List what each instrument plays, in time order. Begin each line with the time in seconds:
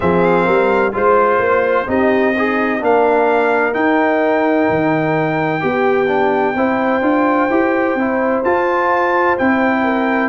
0.00 tuba F3, trombone C4, horn G#4, trumpet F5
0.44 tuba G3, horn A#4
0.92 tuba G#3, trombone F4, horn C5, trumpet C5
1.38 tuba A#3
1.87 tuba C4, trombone D#4, horn G4, trumpet D#5
2.35 horn D#4, trombone G#4
2.79 tuba A#3, trombone D4, horn A#4, trumpet F5
3.73 trombone D#4, tuba D#4, trumpet G5
4.69 tuba D#3
5.60 tuba B3, trombone G4, horn G4
6.07 trombone D4
6.54 tuba C4, trombone E4, horn C5
7.01 tuba D4, trombone F4
7.49 tuba E4, trombone G4
7.95 tuba C4, trombone E4
8.44 trombone F4, tuba F4, trumpet A5
9.38 tuba C4, trombone E4, trumpet G5
9.83 horn A#4